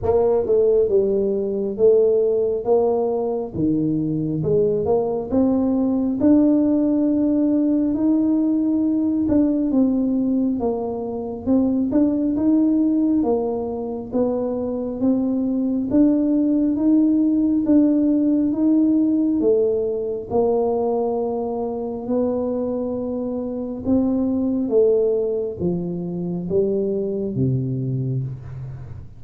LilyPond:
\new Staff \with { instrumentName = "tuba" } { \time 4/4 \tempo 4 = 68 ais8 a8 g4 a4 ais4 | dis4 gis8 ais8 c'4 d'4~ | d'4 dis'4. d'8 c'4 | ais4 c'8 d'8 dis'4 ais4 |
b4 c'4 d'4 dis'4 | d'4 dis'4 a4 ais4~ | ais4 b2 c'4 | a4 f4 g4 c4 | }